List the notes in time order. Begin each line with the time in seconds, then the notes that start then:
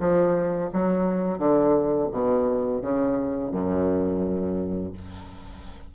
0.00 F3
0.73 F#3
1.39 D3
2.12 B2
2.82 C#3
3.52 F#2